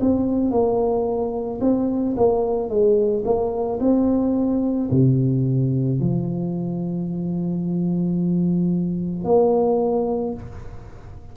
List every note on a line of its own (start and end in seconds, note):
0.00 0.51 C4
0.51 1.60 A#3
1.61 2.15 C4
2.17 2.69 A#3
2.69 3.23 G#3
3.24 3.79 A#3
3.80 4.89 C4
4.90 6.00 C3
6.00 9.24 F3
9.24 10.33 A#3